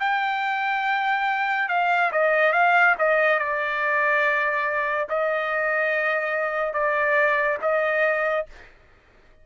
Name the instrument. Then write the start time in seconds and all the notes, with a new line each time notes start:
trumpet
0.00 G5
1.69 F5
2.12 D#5
2.53 F5
2.99 D#5
3.39 D5
5.09 D#5
6.74 D5
7.62 D#5